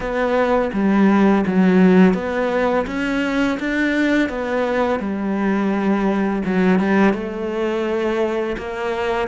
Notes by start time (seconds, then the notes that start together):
0.00 B3
0.73 G3
1.46 F#3
2.14 B3
2.86 C#4
3.59 D4
4.29 B3
4.99 G3
6.45 F#3
6.79 G3
7.13 A3
8.57 A#3